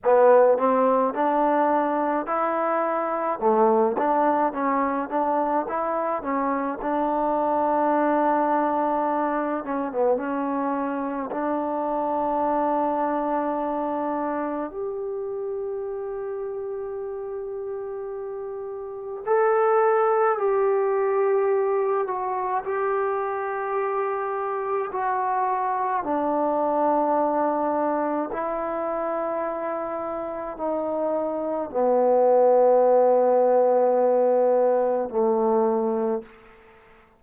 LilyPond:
\new Staff \with { instrumentName = "trombone" } { \time 4/4 \tempo 4 = 53 b8 c'8 d'4 e'4 a8 d'8 | cis'8 d'8 e'8 cis'8 d'2~ | d'8 cis'16 b16 cis'4 d'2~ | d'4 g'2.~ |
g'4 a'4 g'4. fis'8 | g'2 fis'4 d'4~ | d'4 e'2 dis'4 | b2. a4 | }